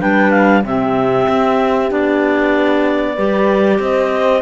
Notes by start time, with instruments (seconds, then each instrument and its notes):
0.00 cello G3, clarinet D4 G5, horn B4
0.31 clarinet F5
0.64 cello C3, clarinet C4 E5, horn G4
1.29 cello C4
1.89 cello B3, clarinet D4 D5
3.15 cello G3, clarinet G4, horn B4
3.79 cello C4, horn C5, clarinet D#5